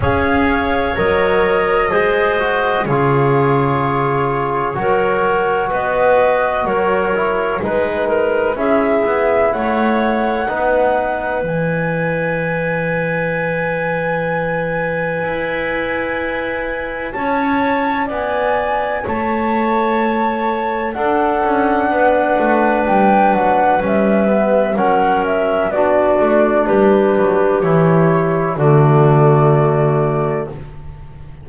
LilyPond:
<<
  \new Staff \with { instrumentName = "flute" } { \time 4/4 \tempo 4 = 63 f''4 dis''2 cis''4~ | cis''2 dis''4 cis''4 | b'4 e''4 fis''2 | gis''1~ |
gis''2 a''4 gis''4 | a''2 fis''2 | g''8 fis''8 e''4 fis''8 e''8 d''4 | b'4 cis''4 d''2 | }
  \new Staff \with { instrumentName = "clarinet" } { \time 4/4 cis''2 c''4 gis'4~ | gis'4 ais'4 b'4 ais'4 | b'8 ais'8 gis'4 cis''4 b'4~ | b'1~ |
b'2 cis''4 d''4 | cis''2 a'4 b'4~ | b'2 ais'4 fis'4 | g'2 fis'2 | }
  \new Staff \with { instrumentName = "trombone" } { \time 4/4 gis'4 ais'4 gis'8 fis'8 f'4~ | f'4 fis'2~ fis'8 e'8 | dis'4 e'2 dis'4 | e'1~ |
e'1~ | e'2 d'2~ | d'4 cis'8 b8 cis'4 d'4~ | d'4 e'4 a2 | }
  \new Staff \with { instrumentName = "double bass" } { \time 4/4 cis'4 fis4 gis4 cis4~ | cis4 fis4 b4 fis4 | gis4 cis'8 b8 a4 b4 | e1 |
e'2 cis'4 b4 | a2 d'8 cis'8 b8 a8 | g8 fis8 g4 fis4 b8 a8 | g8 fis8 e4 d2 | }
>>